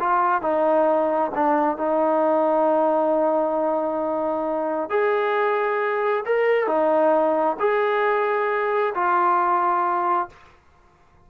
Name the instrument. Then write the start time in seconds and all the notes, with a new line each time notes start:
trombone
0.00 F4
0.42 D#4
1.35 D4
1.77 D#4
4.90 G#4
6.26 A#4
6.67 D#4
7.60 G#4
8.95 F4